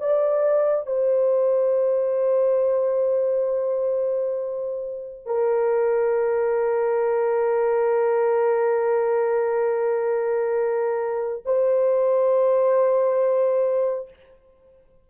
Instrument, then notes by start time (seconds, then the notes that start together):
horn
0.00 D5
0.86 C5
5.25 A#4
11.45 C5